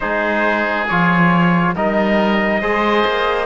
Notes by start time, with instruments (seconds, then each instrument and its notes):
0.00 cello G#3, trombone D#4, oboe G#4, trumpet C5
0.88 cello F3, trombone F4, trumpet C#5
1.74 cello G3, trombone D#4, oboe A#4, trumpet D#5
2.60 cello G#3, trombone G#4, oboe C5
3.06 cello A#3